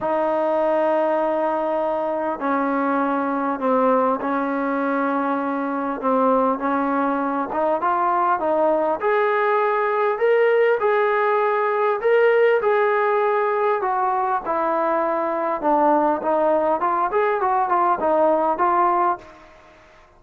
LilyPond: \new Staff \with { instrumentName = "trombone" } { \time 4/4 \tempo 4 = 100 dis'1 | cis'2 c'4 cis'4~ | cis'2 c'4 cis'4~ | cis'8 dis'8 f'4 dis'4 gis'4~ |
gis'4 ais'4 gis'2 | ais'4 gis'2 fis'4 | e'2 d'4 dis'4 | f'8 gis'8 fis'8 f'8 dis'4 f'4 | }